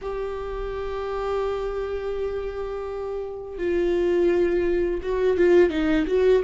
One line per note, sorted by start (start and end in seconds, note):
0.01 3.57 G4
3.57 5.00 F4
5.02 5.37 F#4
5.37 5.69 F4
5.69 6.05 D#4
6.06 6.42 F#4